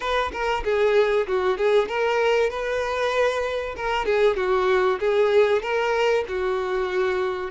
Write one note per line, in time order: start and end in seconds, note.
0.00 0.31 B4
0.32 0.63 A#4
0.64 1.26 G#4
1.27 1.57 F#4
1.57 1.88 G#4
1.88 2.50 A#4
2.50 3.75 B4
3.76 4.05 A#4
4.05 4.36 G#4
4.36 4.99 F#4
4.99 5.61 G#4
5.61 6.24 A#4
6.28 7.50 F#4